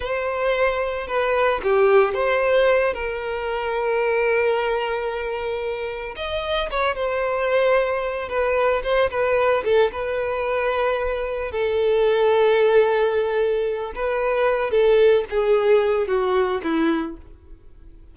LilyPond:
\new Staff \with { instrumentName = "violin" } { \time 4/4 \tempo 4 = 112 c''2 b'4 g'4 | c''4. ais'2~ ais'8~ | ais'2.~ ais'8 dis''8~ | dis''8 cis''8 c''2~ c''8 b'8~ |
b'8 c''8 b'4 a'8 b'4.~ | b'4. a'2~ a'8~ | a'2 b'4. a'8~ | a'8 gis'4. fis'4 e'4 | }